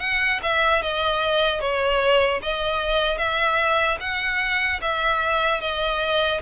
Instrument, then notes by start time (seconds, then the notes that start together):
violin
0.00 F#5
0.43 E5
0.82 D#5
1.60 C#5
2.42 D#5
3.18 E5
4.00 F#5
4.81 E5
5.60 D#5